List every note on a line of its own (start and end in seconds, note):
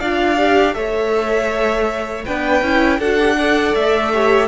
0.00 0.75 D4
0.00 0.38 F4
0.00 0.75 D5
0.00 0.75 F5
0.38 0.75 G4
0.75 2.25 A3
0.75 2.25 A4
0.75 2.26 C#5
0.75 2.25 E5
2.26 2.62 B3
2.26 2.64 D4
2.26 2.99 B4
2.26 3.01 G5
2.62 2.99 C#4
2.62 3.01 E4
2.99 3.75 D4
2.99 3.20 F#4
2.99 3.37 A4
2.99 3.75 F#5
3.20 3.38 G4
3.38 4.13 A4
3.38 4.13 D5
3.75 4.48 A3
3.75 4.48 E5
4.13 4.48 G4
4.13 4.48 C#5